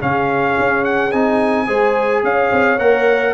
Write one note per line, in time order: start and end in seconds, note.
0.00 0.57 C#3
0.00 1.11 C#4
0.00 1.67 G#4
0.00 0.84 F5
0.59 1.13 C#4
0.84 1.12 F#5
1.12 1.69 C4
1.12 1.67 D#4
1.12 2.23 G#5
1.67 2.23 G#3
1.67 2.78 G#4
1.67 2.22 C5
2.23 2.51 C#4
2.23 3.34 C#5
2.23 2.79 F5
2.52 2.78 C4
2.78 3.34 A#3
2.78 3.34 A#4
2.78 3.34 F#5